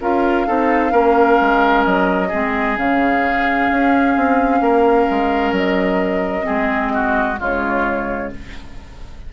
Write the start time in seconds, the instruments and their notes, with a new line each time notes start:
0.00 bassoon C#4, clarinet F4, oboe A#4, flute F5
0.47 bassoon C4, clarinet D#4, oboe A4
0.90 bassoon A#3, clarinet C#4, oboe A#4
1.40 bassoon G#3
1.84 bassoon F#3, flute D#5
2.28 bassoon G#3, clarinet C4, oboe G#4
2.76 bassoon C#3, clarinet C#4, flute F5
3.70 bassoon C#4
4.16 bassoon C4
4.60 bassoon A#3, oboe A#4
5.10 bassoon G#3
5.52 bassoon F#3, flute D#5
6.42 clarinet C4, oboe G#4
6.49 bassoon G#3
6.93 oboe F#4
7.38 bassoon C#3, clarinet G#3, oboe F4, flute C#5